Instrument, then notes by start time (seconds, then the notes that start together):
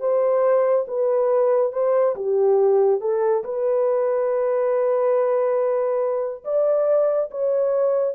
horn
0.00 C5
0.88 B4
1.72 C5
2.15 G4
3.01 A4
3.44 B4
6.44 D5
7.31 C#5